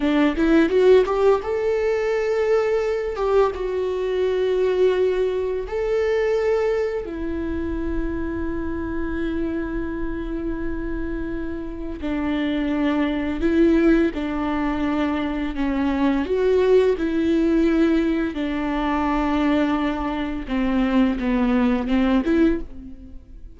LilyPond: \new Staff \with { instrumentName = "viola" } { \time 4/4 \tempo 4 = 85 d'8 e'8 fis'8 g'8 a'2~ | a'8 g'8 fis'2. | a'2 e'2~ | e'1~ |
e'4 d'2 e'4 | d'2 cis'4 fis'4 | e'2 d'2~ | d'4 c'4 b4 c'8 e'8 | }